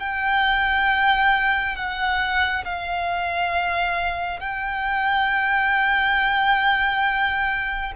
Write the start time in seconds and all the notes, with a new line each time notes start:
0.00 G5
1.76 F#5
2.65 F5
4.40 G5